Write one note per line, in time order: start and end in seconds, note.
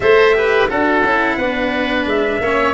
0.00 0.67 A3
0.00 0.34 A4
0.00 0.36 C5
0.00 0.69 E5
0.34 0.68 G4
0.34 0.69 B4
0.69 1.03 D4
0.69 1.03 F#4
0.69 1.37 A4
0.69 2.08 F#5
1.03 1.36 C#4
1.03 1.40 E4
1.36 2.05 B3
1.36 2.42 D4
1.36 2.40 B4
2.05 2.40 G#3
2.05 2.74 E5
2.40 2.74 A#3
2.40 2.74 C#4
2.40 2.74 C#5